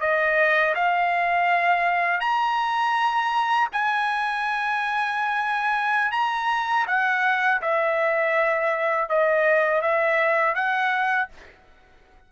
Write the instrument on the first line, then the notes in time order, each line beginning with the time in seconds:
trumpet
0.00 D#5
0.75 F5
2.20 A#5
3.72 G#5
6.12 A#5
6.87 F#5
7.62 E5
9.09 D#5
9.81 E5
10.55 F#5